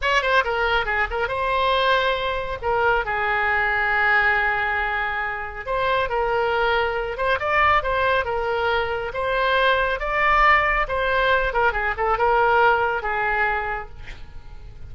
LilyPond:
\new Staff \with { instrumentName = "oboe" } { \time 4/4 \tempo 4 = 138 cis''8 c''8 ais'4 gis'8 ais'8 c''4~ | c''2 ais'4 gis'4~ | gis'1~ | gis'4 c''4 ais'2~ |
ais'8 c''8 d''4 c''4 ais'4~ | ais'4 c''2 d''4~ | d''4 c''4. ais'8 gis'8 a'8 | ais'2 gis'2 | }